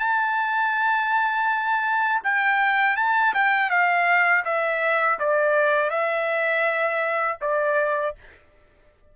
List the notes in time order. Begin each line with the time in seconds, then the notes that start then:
0.00 A5
2.24 G5
2.97 A5
3.34 G5
3.70 F5
4.45 E5
5.20 D5
5.90 E5
7.41 D5